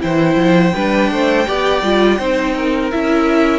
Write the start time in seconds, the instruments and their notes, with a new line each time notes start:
0.00 cello E3, viola E4, violin C5 G5
0.36 cello F3
0.75 cello G3, viola D4, violin B4
1.11 cello A3, violin C5
1.47 cello B3, viola G4, violin D5
1.83 cello G3, viola F4
2.18 cello C4, viola D#4, violin C5
2.56 violin A#4
2.91 cello C#4, viola E4, violin E5